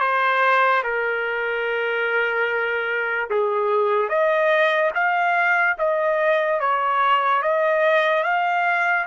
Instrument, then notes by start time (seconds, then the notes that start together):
trumpet
0.00 C5
0.83 A#4
3.30 G#4
4.08 D#5
4.94 F5
5.78 D#5
6.60 C#5
7.42 D#5
8.23 F5